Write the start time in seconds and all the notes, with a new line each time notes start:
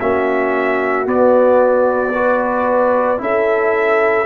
0.00 A#3 C#4 F#4 E5
1.06 B3 D5
2.15 F#4 B4
3.18 C#4 E4 A4 E5